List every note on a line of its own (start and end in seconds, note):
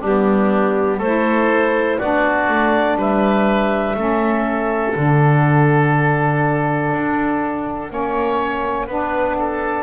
0.00 0.99 G3
0.00 1.02 B3
0.00 0.98 D4
0.00 1.01 G4
0.98 1.98 A3
0.98 2.00 E4
0.98 1.96 A4
0.98 1.99 C5
1.99 2.48 B3
1.99 3.96 D4
1.99 2.97 F#4
1.99 2.97 D5
2.48 2.96 A3
2.96 3.94 G3
2.96 3.96 B4
2.96 4.92 E5
3.95 4.94 A3
3.95 4.94 C#4
3.95 7.92 A4
4.92 6.91 D3
4.92 7.89 D4
4.92 9.82 F#5
6.91 7.90 D4
7.89 8.88 A#3
7.89 8.87 C#4
7.89 8.86 C#5
8.86 9.82 B3
8.86 9.82 D4
8.86 9.36 B4
9.38 9.82 A4